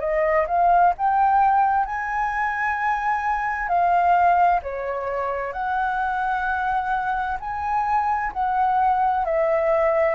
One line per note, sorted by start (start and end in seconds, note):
0.00 0.46 D#5
0.47 0.94 F5
0.98 1.86 G5
1.86 3.68 G#5
3.68 4.61 F5
4.63 5.53 C#5
5.53 7.38 F#5
7.40 8.32 G#5
8.33 9.25 F#5
9.25 10.15 E5